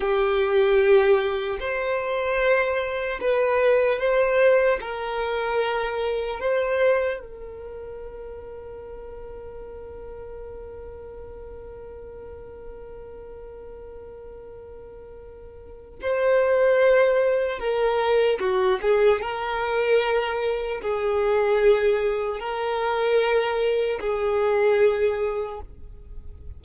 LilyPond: \new Staff \with { instrumentName = "violin" } { \time 4/4 \tempo 4 = 75 g'2 c''2 | b'4 c''4 ais'2 | c''4 ais'2.~ | ais'1~ |
ais'1 | c''2 ais'4 fis'8 gis'8 | ais'2 gis'2 | ais'2 gis'2 | }